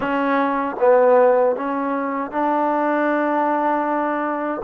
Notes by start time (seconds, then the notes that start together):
0.00 C#4
0.79 B3
1.56 C#4
2.31 D4